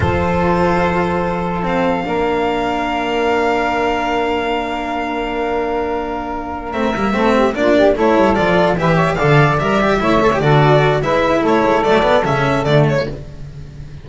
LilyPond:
<<
  \new Staff \with { instrumentName = "violin" } { \time 4/4 \tempo 4 = 147 c''1 | f''1~ | f''1~ | f''1~ |
f''8 e''2 d''4 cis''8~ | cis''8 d''4 e''4 f''4 e''8~ | e''4. d''4. e''4 | cis''4 d''4 e''4 d''8 cis''8 | }
  \new Staff \with { instrumentName = "saxophone" } { \time 4/4 a'1~ | a'4 ais'2.~ | ais'1~ | ais'1~ |
ais'4. a'8 g'8 f'8 g'8 a'8~ | a'4. b'8 cis''8 d''4.~ | d''8 cis''4 a'4. b'4 | a'1 | }
  \new Staff \with { instrumentName = "cello" } { \time 4/4 f'1 | c'4 d'2.~ | d'1~ | d'1~ |
d'8 c'8 ais8 c'4 d'4 e'8~ | e'8 f'4 g'4 a'4 ais'8 | g'8 e'8 a'16 g'16 fis'4. e'4~ | e'4 a8 b8 cis'4 a4 | }
  \new Staff \with { instrumentName = "double bass" } { \time 4/4 f1~ | f4 ais2.~ | ais1~ | ais1~ |
ais8 a8 g8 a4 ais4 a8 | g8 f4 e4 d4 g8~ | g8 a4 d4. gis4 | a8 gis8 fis4 cis4 d4 | }
>>